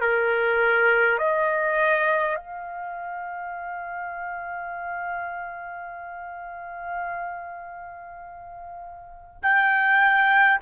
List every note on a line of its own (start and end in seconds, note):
0.00 1.18 A#4
1.18 2.35 D#5
2.36 9.42 F5
9.42 10.60 G5